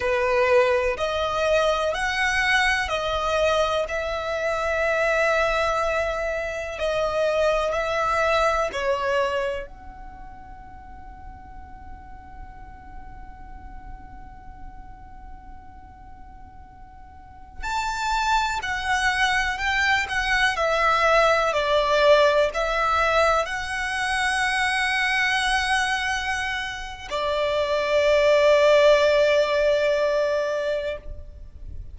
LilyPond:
\new Staff \with { instrumentName = "violin" } { \time 4/4 \tempo 4 = 62 b'4 dis''4 fis''4 dis''4 | e''2. dis''4 | e''4 cis''4 fis''2~ | fis''1~ |
fis''2~ fis''16 a''4 fis''8.~ | fis''16 g''8 fis''8 e''4 d''4 e''8.~ | e''16 fis''2.~ fis''8. | d''1 | }